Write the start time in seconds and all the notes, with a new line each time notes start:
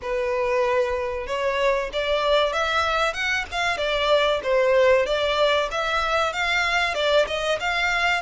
0.01 B4
1.26 C#5
1.92 D5
2.53 E5
3.13 F#5
3.51 F5
3.77 D5
4.43 C5
5.06 D5
5.71 E5
6.32 F5
6.94 D5
7.27 D#5
7.60 F5